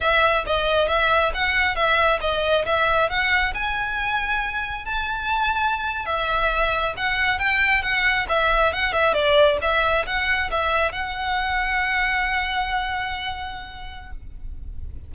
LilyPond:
\new Staff \with { instrumentName = "violin" } { \time 4/4 \tempo 4 = 136 e''4 dis''4 e''4 fis''4 | e''4 dis''4 e''4 fis''4 | gis''2. a''4~ | a''4.~ a''16 e''2 fis''16~ |
fis''8. g''4 fis''4 e''4 fis''16~ | fis''16 e''8 d''4 e''4 fis''4 e''16~ | e''8. fis''2.~ fis''16~ | fis''1 | }